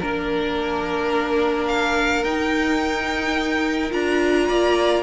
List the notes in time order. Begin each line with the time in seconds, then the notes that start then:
0.00 A#3 D4 A#4
1.68 F5
2.23 D#4 G5
3.91 D4 F4 A#5
4.48 A#3 D5